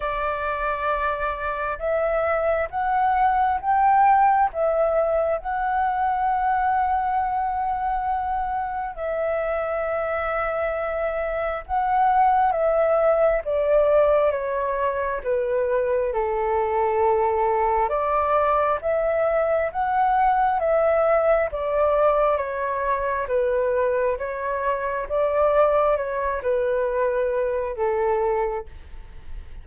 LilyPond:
\new Staff \with { instrumentName = "flute" } { \time 4/4 \tempo 4 = 67 d''2 e''4 fis''4 | g''4 e''4 fis''2~ | fis''2 e''2~ | e''4 fis''4 e''4 d''4 |
cis''4 b'4 a'2 | d''4 e''4 fis''4 e''4 | d''4 cis''4 b'4 cis''4 | d''4 cis''8 b'4. a'4 | }